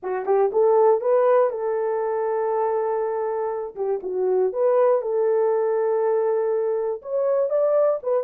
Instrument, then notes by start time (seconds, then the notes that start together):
horn
0.02 F#4
0.25 G4
0.52 A4
1.00 B4
1.50 A4
3.75 G4
4.02 F#4
4.52 B4
5.01 A4
7.01 C#5
7.49 D5
8.02 B4